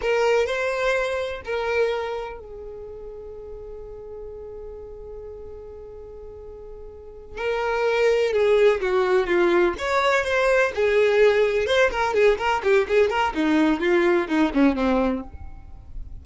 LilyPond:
\new Staff \with { instrumentName = "violin" } { \time 4/4 \tempo 4 = 126 ais'4 c''2 ais'4~ | ais'4 gis'2.~ | gis'1~ | gis'2.~ gis'8 ais'8~ |
ais'4. gis'4 fis'4 f'8~ | f'8 cis''4 c''4 gis'4.~ | gis'8 c''8 ais'8 gis'8 ais'8 g'8 gis'8 ais'8 | dis'4 f'4 dis'8 cis'8 c'4 | }